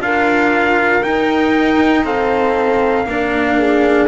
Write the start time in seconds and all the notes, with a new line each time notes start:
0.00 D4 F4 A#4 F5
1.02 D#4 G5
2.04 C4 A4 F5
3.05 A#3 D4 A#4
3.58 G#4